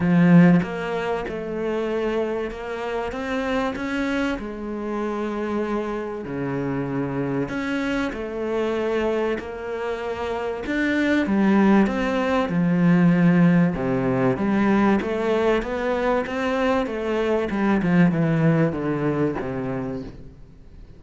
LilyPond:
\new Staff \with { instrumentName = "cello" } { \time 4/4 \tempo 4 = 96 f4 ais4 a2 | ais4 c'4 cis'4 gis4~ | gis2 cis2 | cis'4 a2 ais4~ |
ais4 d'4 g4 c'4 | f2 c4 g4 | a4 b4 c'4 a4 | g8 f8 e4 d4 c4 | }